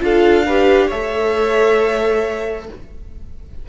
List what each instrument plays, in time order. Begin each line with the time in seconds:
0.00 cello D4, viola F4, violin A4 F5
0.46 viola G4, violin B4
0.87 cello A3, viola A4, violin C#5 E5